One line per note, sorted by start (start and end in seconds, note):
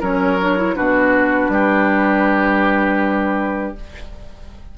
0.00 0.76 F#3
0.00 0.39 C#4
0.00 0.75 A#4
0.00 0.76 C#5
0.41 0.57 D4
0.57 0.75 E4
0.76 1.49 B2
0.76 3.76 D4
0.76 1.51 F#4
0.76 3.76 B4
1.49 3.74 G3
1.49 3.78 G4